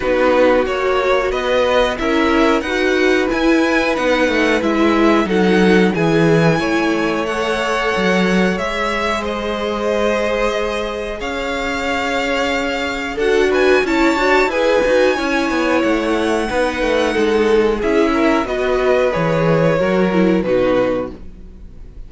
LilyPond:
<<
  \new Staff \with { instrumentName = "violin" } { \time 4/4 \tempo 4 = 91 b'4 cis''4 dis''4 e''4 | fis''4 gis''4 fis''4 e''4 | fis''4 gis''2 fis''4~ | fis''4 e''4 dis''2~ |
dis''4 f''2. | fis''8 gis''8 a''4 gis''2 | fis''2. e''4 | dis''4 cis''2 b'4 | }
  \new Staff \with { instrumentName = "violin" } { \time 4/4 fis'2 b'4 ais'4 | b'1 | a'4 gis'4 cis''2~ | cis''2 c''2~ |
c''4 cis''2. | a'8 b'8 cis''4 b'4 cis''4~ | cis''4 b'4 a'4 gis'8 ais'8 | b'2 ais'4 fis'4 | }
  \new Staff \with { instrumentName = "viola" } { \time 4/4 dis'4 fis'2 e'4 | fis'4 e'4 dis'4 e'4 | dis'4 e'2 a'4~ | a'4 gis'2.~ |
gis'1 | fis'4 e'8 fis'8 gis'8 fis'8 e'4~ | e'4 dis'2 e'4 | fis'4 gis'4 fis'8 e'8 dis'4 | }
  \new Staff \with { instrumentName = "cello" } { \time 4/4 b4 ais4 b4 cis'4 | dis'4 e'4 b8 a8 gis4 | fis4 e4 a2 | fis4 gis2.~ |
gis4 cis'2. | d'4 cis'8 d'8 e'8 dis'8 cis'8 b8 | a4 b8 a8 gis4 cis'4 | b4 e4 fis4 b,4 | }
>>